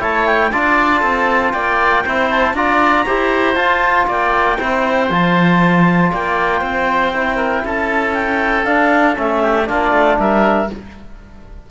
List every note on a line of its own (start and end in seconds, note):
0.00 0.53 A3
0.00 0.51 E4
0.00 0.51 C#5
0.00 0.27 A5
0.27 0.52 G5
0.52 1.03 D4
0.52 2.06 F4
0.52 1.01 D5
0.52 1.52 A5
1.01 1.53 C4
1.01 1.52 A4
1.52 2.05 A#3
1.52 2.04 D5
1.52 2.28 G5
2.05 2.54 C4
2.05 2.56 E4
2.05 2.56 C5
2.31 2.56 A5
2.54 3.05 D4
2.54 3.06 F4
2.54 3.06 D5
2.54 3.55 A#5
3.06 3.56 E4
3.06 3.56 G4
3.06 4.07 C5
3.55 4.07 F4
3.55 4.58 F4
3.55 4.06 A5
4.07 4.58 A#3
4.07 4.58 D5
4.07 5.12 G5
4.59 5.10 C4
4.59 5.10 E4
4.59 6.11 C5
5.10 6.12 F3
5.10 7.14 F4
5.10 6.14 A5
6.11 6.62 A#3
6.11 6.61 D5
6.11 7.66 G5
6.61 7.63 C4
6.61 7.36 C5
7.14 8.65 E4
7.36 7.62 A#4
7.65 8.67 C#4
7.65 9.43 A4
7.65 8.14 A5
8.14 8.65 G5
8.65 9.15 D4
8.65 9.18 D4
8.65 9.16 F5
9.15 9.70 A3
9.15 9.66 C#4
9.15 9.67 E5
9.43 9.68 G4
9.66 9.92 A#3
9.66 10.68 D4
9.66 10.19 F4
9.66 10.18 D5
9.92 10.18 A3
10.19 10.70 G3
10.19 10.71 A#4
10.19 10.70 E5